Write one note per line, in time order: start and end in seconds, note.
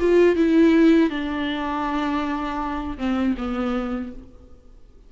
0.00 0.36 F4
0.36 1.10 E4
1.10 2.98 D4
2.98 3.35 C4
3.38 4.13 B3